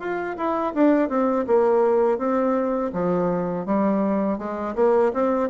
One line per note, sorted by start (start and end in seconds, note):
0.00 0.37 F4
0.37 0.74 E4
0.75 1.09 D4
1.09 1.46 C4
1.47 2.19 A#3
2.19 2.92 C4
2.94 3.66 F3
3.66 4.39 G3
4.39 4.76 G#3
4.76 5.13 A#3
5.14 5.50 C4